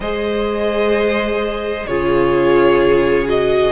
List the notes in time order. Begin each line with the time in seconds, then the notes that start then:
0.00 G#3 G#4 C5 D#5
1.86 C#3 F4 G#4 C#5
3.24 F#4 D#5